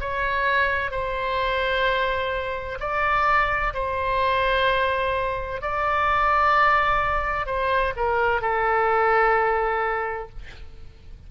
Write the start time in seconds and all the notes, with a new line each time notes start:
0.00 C#5
0.91 C5
2.80 D5
3.74 C5
5.61 D5
7.46 C5
7.96 A#4
8.41 A4